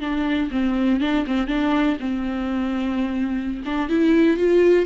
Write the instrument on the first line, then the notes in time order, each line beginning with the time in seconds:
viola
0.00 D4
0.51 C4
1.00 D4
1.27 C4
1.47 D4
2.00 C4
3.65 D4
3.89 E4
4.37 F4